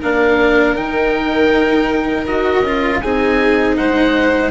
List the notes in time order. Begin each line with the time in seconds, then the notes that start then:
0.00 A#3 D4 A#4 F5
0.76 D#3 D#4 G5
2.26 D#4 F#4 D#5
2.61 C#4 F4
3.01 C4 D#4 G#4 G#5
3.76 G#3 C5 F#5